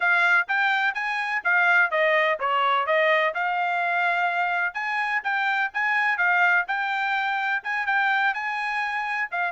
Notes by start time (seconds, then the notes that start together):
0.00 F5
0.47 G5
0.94 G#5
1.44 F5
1.90 D#5
2.39 C#5
2.86 D#5
3.34 F5
4.73 G#5
5.23 G5
5.73 G#5
6.17 F5
6.67 G5
7.63 G#5
7.86 G5
8.34 G#5
9.31 F5